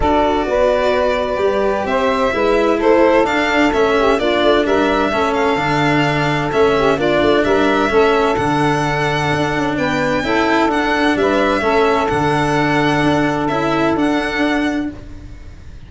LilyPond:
<<
  \new Staff \with { instrumentName = "violin" } { \time 4/4 \tempo 4 = 129 d''1 | e''2 c''4 f''4 | e''4 d''4 e''4. f''8~ | f''2 e''4 d''4 |
e''2 fis''2~ | fis''4 g''2 fis''4 | e''2 fis''2~ | fis''4 e''4 fis''2 | }
  \new Staff \with { instrumentName = "saxophone" } { \time 4/4 a'4 b'2. | c''4 b'4 a'2~ | a'8 g'8 f'4 ais'4 a'4~ | a'2~ a'8 g'8 f'4 |
ais'4 a'2.~ | a'4 b'4 a'2 | b'4 a'2.~ | a'1 | }
  \new Staff \with { instrumentName = "cello" } { \time 4/4 fis'2. g'4~ | g'4 e'2 d'4 | cis'4 d'2 cis'4 | d'2 cis'4 d'4~ |
d'4 cis'4 d'2~ | d'2 e'4 d'4~ | d'4 cis'4 d'2~ | d'4 e'4 d'2 | }
  \new Staff \with { instrumentName = "tuba" } { \time 4/4 d'4 b2 g4 | c'4 gis4 a4 d'4 | a4 ais8 a8 g4 a4 | d2 a4 ais8 a8 |
g4 a4 d2 | d'8 cis'8 b4 cis'4 d'4 | g4 a4 d2 | d'4 cis'4 d'2 | }
>>